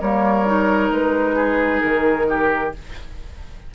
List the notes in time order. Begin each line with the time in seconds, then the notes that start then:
0.00 G3 A#3 A#4 C#5
0.46 D#4
0.91 G#3 B4
1.35 G#4
1.81 D#3 A#4
2.29 G4